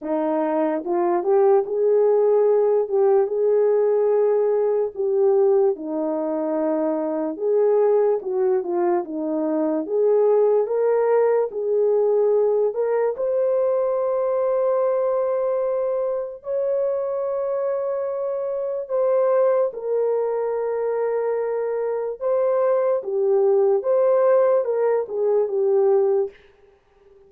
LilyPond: \new Staff \with { instrumentName = "horn" } { \time 4/4 \tempo 4 = 73 dis'4 f'8 g'8 gis'4. g'8 | gis'2 g'4 dis'4~ | dis'4 gis'4 fis'8 f'8 dis'4 | gis'4 ais'4 gis'4. ais'8 |
c''1 | cis''2. c''4 | ais'2. c''4 | g'4 c''4 ais'8 gis'8 g'4 | }